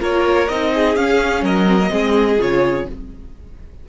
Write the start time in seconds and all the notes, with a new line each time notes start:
0.00 A#3 F4 A#4 C#5
0.49 C4 D#4 D#5
0.75 G#4
0.96 C#4 F5
1.42 F#3 A#4 D#5
1.67 C4
1.81 A#3
1.90 G#3 C4 G#4
2.39 C#3 F4 C#5